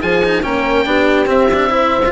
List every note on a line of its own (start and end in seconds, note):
0.00 0.45 F3
0.00 0.22 F4
0.00 0.43 G#4
0.00 0.43 G#5
0.24 0.43 D#4
0.43 0.86 A#3
0.43 0.85 C#4
0.43 0.86 A#4
0.43 1.28 G5
0.86 1.28 B3
0.86 1.26 D4
0.86 1.71 G4
1.26 1.47 C4
1.26 2.12 C4
1.26 2.12 E5
1.53 1.70 D4
1.70 2.01 E4
1.70 2.12 C5
2.05 2.12 F4